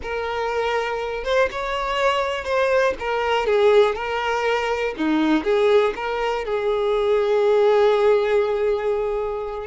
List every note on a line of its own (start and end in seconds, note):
0.02 1.24 A#4
1.24 1.48 C5
1.51 2.44 C#5
2.44 2.93 C5
2.99 3.46 A#4
3.46 3.95 G#4
3.95 4.94 A#4
4.97 5.44 D#4
5.44 5.93 G#4
5.95 6.44 A#4
6.44 9.66 G#4